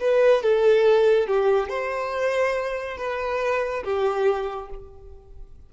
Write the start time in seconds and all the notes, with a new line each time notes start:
0.00 B4
0.43 A4
1.28 G4
1.69 C5
2.98 B4
3.84 G4